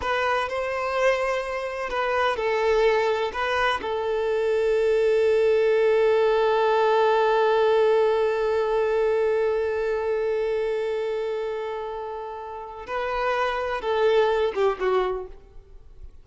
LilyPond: \new Staff \with { instrumentName = "violin" } { \time 4/4 \tempo 4 = 126 b'4 c''2. | b'4 a'2 b'4 | a'1~ | a'1~ |
a'1~ | a'1~ | a'2. b'4~ | b'4 a'4. g'8 fis'4 | }